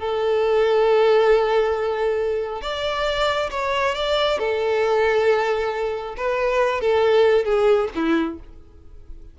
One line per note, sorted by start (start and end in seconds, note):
0.00 2.62 A4
2.62 3.50 D5
3.51 3.95 C#5
3.95 4.39 D5
4.39 6.16 A4
6.17 6.81 B4
6.81 7.45 A4
7.45 7.89 G#4
7.96 8.40 E4